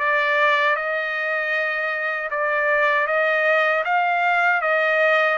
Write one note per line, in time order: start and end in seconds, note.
0.00 0.76 D5
0.76 2.30 D#5
2.31 3.08 D5
3.08 3.85 D#5
3.85 4.62 F5
4.62 5.38 D#5